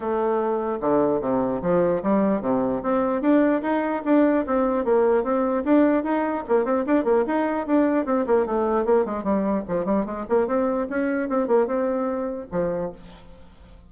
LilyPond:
\new Staff \with { instrumentName = "bassoon" } { \time 4/4 \tempo 4 = 149 a2 d4 c4 | f4 g4 c4 c'4 | d'4 dis'4 d'4 c'4 | ais4 c'4 d'4 dis'4 |
ais8 c'8 d'8 ais8 dis'4 d'4 | c'8 ais8 a4 ais8 gis8 g4 | f8 g8 gis8 ais8 c'4 cis'4 | c'8 ais8 c'2 f4 | }